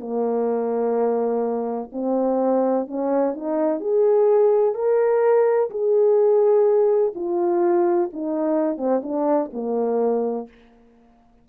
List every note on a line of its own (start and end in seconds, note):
0.00 1.90 A#3
1.93 2.88 C4
2.88 3.34 C#4
3.34 3.81 D#4
3.81 4.75 G#4
4.75 5.70 A#4
5.71 7.13 G#4
7.15 8.11 F4
8.13 8.78 D#4
8.78 9.02 C4
9.03 9.51 D4
9.53 10.48 A#3